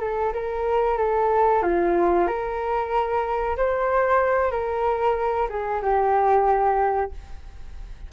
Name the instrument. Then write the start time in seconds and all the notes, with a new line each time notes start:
flute
0.00 A4
0.33 A#4
0.97 A4
1.62 F4
2.27 A#4
3.57 C5
4.51 A#4
5.49 G#4
5.82 G4